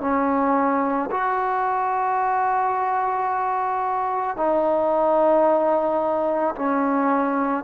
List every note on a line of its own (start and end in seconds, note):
0.00 1.09 C#4
1.10 4.36 F#4
4.36 6.55 D#4
6.55 7.64 C#4